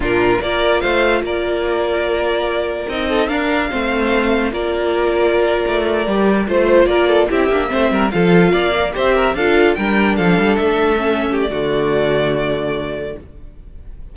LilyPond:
<<
  \new Staff \with { instrumentName = "violin" } { \time 4/4 \tempo 4 = 146 ais'4 d''4 f''4 d''4~ | d''2. dis''4 | f''2. d''4~ | d''2.~ d''8. c''16~ |
c''8. d''4 e''2 f''16~ | f''4.~ f''16 e''4 f''4 g''16~ | g''8. f''4 e''2 d''16~ | d''1 | }
  \new Staff \with { instrumentName = "violin" } { \time 4/4 f'4 ais'4 c''4 ais'4~ | ais'2.~ ais'8 a'8 | ais'4 c''2 ais'4~ | ais'2.~ ais'8. c''16~ |
c''8. ais'8 a'8 g'4 c''8 ais'8 a'16~ | a'8. d''4 c''8 ais'8 a'4 ais'16~ | ais'8. a'2~ a'8. g'8 | fis'1 | }
  \new Staff \with { instrumentName = "viola" } { \time 4/4 d'4 f'2.~ | f'2. dis'4 | d'4 c'2 f'4~ | f'2~ f'8. g'4 f'16~ |
f'4.~ f'16 e'8 d'8 c'4 f'16~ | f'4~ f'16 ais'8 g'4 f'4 d'16~ | d'2~ d'8. cis'4~ cis'16 | a1 | }
  \new Staff \with { instrumentName = "cello" } { \time 4/4 ais,4 ais4 a4 ais4~ | ais2. c'4 | d'4 a2 ais4~ | ais4.~ ais16 a4 g4 a16~ |
a8. ais4 c'8 ais8 a8 g8 f16~ | f8. ais4 c'4 d'4 g16~ | g8. f8 g8 a2~ a16 | d1 | }
>>